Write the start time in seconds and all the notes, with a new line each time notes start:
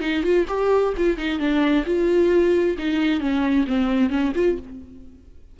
0.00 D#4
0.23 F4
0.48 G4
0.96 F4
1.17 D#4
1.39 D4
1.86 F4
2.78 D#4
3.20 C#4
3.67 C4
4.10 C#4
4.35 F4